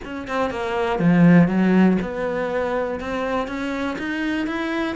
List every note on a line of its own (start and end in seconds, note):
0.04 0.27 C#4
0.27 0.50 C4
0.50 0.99 A#3
0.99 1.47 F3
1.47 1.97 F#3
2.01 3.00 B3
3.00 3.47 C4
3.47 3.97 C#4
3.98 4.46 D#4
4.46 4.95 E4